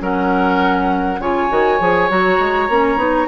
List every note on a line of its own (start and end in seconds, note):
0.00 1.19 F#3
0.00 1.19 C#4
0.00 1.21 A#4
0.00 1.21 F#5
1.19 1.49 C#3
1.19 1.49 F4
1.19 3.28 C#5
1.19 2.10 G#5
1.49 1.80 D#3
1.49 1.79 F#4
1.80 2.09 F3
1.80 2.09 G#4
2.09 2.39 F#3
2.09 2.69 F#4
2.09 3.28 A#5
2.39 2.69 G#3
2.69 2.96 A#3
2.69 2.98 C#4
2.96 3.26 B3
2.96 3.27 D#4